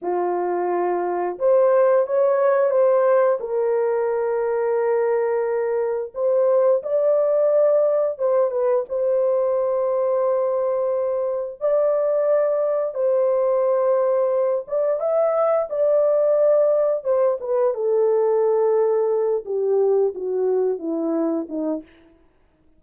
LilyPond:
\new Staff \with { instrumentName = "horn" } { \time 4/4 \tempo 4 = 88 f'2 c''4 cis''4 | c''4 ais'2.~ | ais'4 c''4 d''2 | c''8 b'8 c''2.~ |
c''4 d''2 c''4~ | c''4. d''8 e''4 d''4~ | d''4 c''8 b'8 a'2~ | a'8 g'4 fis'4 e'4 dis'8 | }